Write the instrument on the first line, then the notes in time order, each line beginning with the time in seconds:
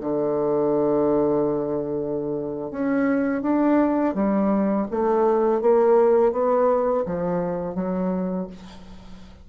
bassoon
0.00 D3
2.71 C#4
3.42 D4
4.14 G3
4.91 A3
5.61 A#3
6.32 B3
7.05 F3
7.75 F#3